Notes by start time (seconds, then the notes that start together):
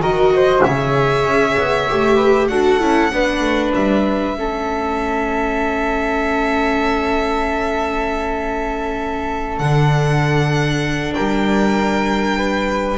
0.00 D#3 F#4 A#4 D#5
0.35 C5
0.63 C#3 G#4 C#5 E5
1.24 C#4
1.57 B3
1.88 A3 G4
2.15 B4
2.47 D4 F#4 A4 F#5
2.79 C#4 E4
3.12 B3 D4 B4
3.41 A3
3.74 G3 E5
4.34 A3 C#4 A4
9.58 D3 D4 F#5
11.14 G3 A#4 G5
12.37 B4